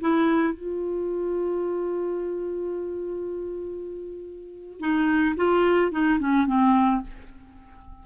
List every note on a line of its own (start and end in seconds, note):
0.00 0.53 E4
0.53 4.80 F4
4.80 5.35 D#4
5.36 5.91 F4
5.91 6.19 D#4
6.19 6.47 C#4
6.47 7.02 C4